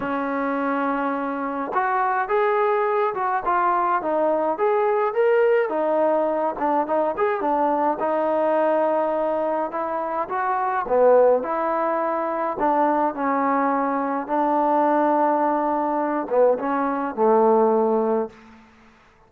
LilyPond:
\new Staff \with { instrumentName = "trombone" } { \time 4/4 \tempo 4 = 105 cis'2. fis'4 | gis'4. fis'8 f'4 dis'4 | gis'4 ais'4 dis'4. d'8 | dis'8 gis'8 d'4 dis'2~ |
dis'4 e'4 fis'4 b4 | e'2 d'4 cis'4~ | cis'4 d'2.~ | d'8 b8 cis'4 a2 | }